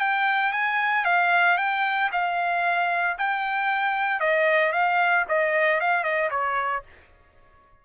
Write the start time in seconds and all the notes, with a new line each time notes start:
0.00 G5
0.52 G#5
1.05 F5
1.57 G5
2.12 F5
3.18 G5
4.20 D#5
4.72 F5
5.28 D#5
5.80 F5
6.03 D#5
6.30 C#5